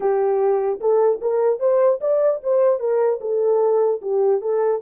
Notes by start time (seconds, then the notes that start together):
0.00 G4
0.80 A4
1.21 A#4
1.59 C5
2.00 D5
2.43 C5
2.79 A#4
3.20 A4
4.01 G4
4.41 A4